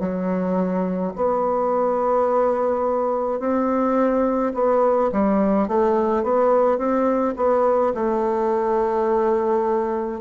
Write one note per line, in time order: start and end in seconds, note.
0.00 1.13 F#3
1.16 3.40 B3
3.40 4.53 C4
4.54 5.11 B3
5.13 5.68 G3
5.68 6.24 A3
6.24 6.78 B3
6.78 7.35 C4
7.37 7.93 B3
7.95 10.21 A3